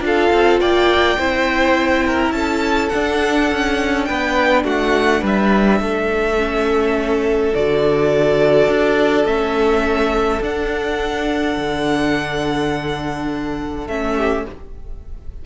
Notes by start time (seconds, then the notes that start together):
0.00 D4 F4 A4
0.06 F5
0.32 C4
0.59 A#3 D5 G5
1.18 C4 E4 C5
2.06 A#4
2.31 C#4 A4 A5
2.89 D4 F#5
3.51 C#4
4.04 B3 B4 G5
4.64 A3 F#4 F#5
5.20 G3 B4 E5
5.80 A3 A4
6.37 C#4
7.54 D3 F#4 D5
8.68 D4
9.25 A3 C#4 E5
10.41 D4 F#5
11.57 D3
13.87 A3 C#4 E5
14.15 G4